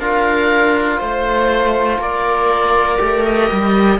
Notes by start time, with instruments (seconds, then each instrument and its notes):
0.00 cello D4, trombone F4, viola A#4, oboe F5
0.98 cello A3, viola C5, oboe C5
1.99 cello A#3, viola A#4, oboe D5
2.99 cello A3, trombone G4
3.25 oboe D#5
3.51 cello G3